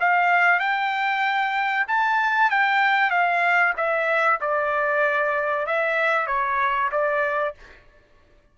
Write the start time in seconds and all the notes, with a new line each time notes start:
0.00 F5
0.59 G5
1.87 A5
2.50 G5
3.10 F5
3.76 E5
4.41 D5
5.66 E5
6.27 C#5
6.92 D5